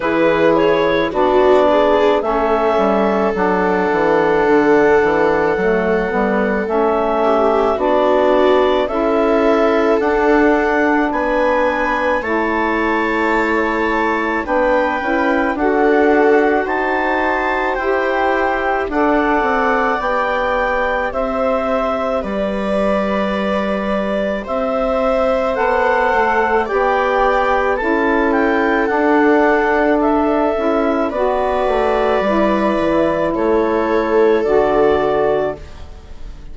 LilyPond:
<<
  \new Staff \with { instrumentName = "clarinet" } { \time 4/4 \tempo 4 = 54 b'8 cis''8 d''4 e''4 fis''4~ | fis''2 e''4 d''4 | e''4 fis''4 gis''4 a''4~ | a''4 g''4 fis''4 a''4 |
g''4 fis''4 g''4 e''4 | d''2 e''4 fis''4 | g''4 a''8 g''8 fis''4 e''4 | d''2 cis''4 d''4 | }
  \new Staff \with { instrumentName = "viola" } { \time 4/4 gis'4 fis'8 gis'8 a'2~ | a'2~ a'8 g'8 fis'4 | a'2 b'4 cis''4~ | cis''4 b'4 a'4 c''4~ |
c''4 d''2 c''4 | b'2 c''2 | d''4 a'2. | b'2 a'2 | }
  \new Staff \with { instrumentName = "saxophone" } { \time 4/4 e'4 d'4 cis'4 d'4~ | d'4 a8 b8 cis'4 d'4 | e'4 d'2 e'4~ | e'4 d'8 e'8 fis'2 |
g'4 a'4 g'2~ | g'2. a'4 | g'4 e'4 d'4. e'8 | fis'4 e'2 fis'4 | }
  \new Staff \with { instrumentName = "bassoon" } { \time 4/4 e4 b4 a8 g8 fis8 e8 | d8 e8 fis8 g8 a4 b4 | cis'4 d'4 b4 a4~ | a4 b8 cis'8 d'4 dis'4 |
e'4 d'8 c'8 b4 c'4 | g2 c'4 b8 a8 | b4 cis'4 d'4. cis'8 | b8 a8 g8 e8 a4 d4 | }
>>